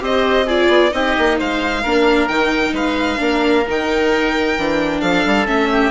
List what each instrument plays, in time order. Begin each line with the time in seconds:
0.00 bassoon C4, viola G4, oboe C5, violin D#5
0.46 viola F4, oboe G#4, violin D5
0.68 bassoon B3
0.91 bassoon C4, viola D#4, oboe G4, violin D#5
1.18 bassoon A#3
1.39 bassoon G#3, oboe C5, violin F5
1.83 bassoon A#3, viola D4, oboe A#4
2.28 bassoon D#3, viola D#4, violin G5
2.72 bassoon G#3, oboe B4, violin F5
3.18 bassoon A#3, viola D4, oboe A#4
3.67 bassoon D#3, viola D#4, violin G5
4.57 bassoon E3, viola D4
5.01 bassoon F3, oboe A4, violin F5
5.26 bassoon G3
5.46 bassoon A3, viola C#4, violin E5
5.72 oboe G4